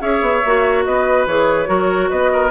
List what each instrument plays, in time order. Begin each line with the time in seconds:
0.00 bassoon C#4, clarinet G#4, oboe C#5, flute E5
0.21 bassoon B3
0.45 bassoon A#3, clarinet F#4
0.84 bassoon B3, oboe B4, flute D#5
1.26 bassoon E3, clarinet G#4, flute C#5
1.66 bassoon F#3, clarinet F#4, oboe A#4
2.09 bassoon B3, oboe B4, flute D#5
2.33 oboe A#4